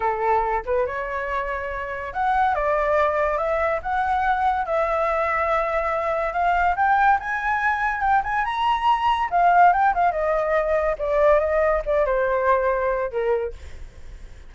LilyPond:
\new Staff \with { instrumentName = "flute" } { \time 4/4 \tempo 4 = 142 a'4. b'8 cis''2~ | cis''4 fis''4 d''2 | e''4 fis''2 e''4~ | e''2. f''4 |
g''4 gis''2 g''8 gis''8 | ais''2 f''4 g''8 f''8 | dis''2 d''4 dis''4 | d''8 c''2~ c''8 ais'4 | }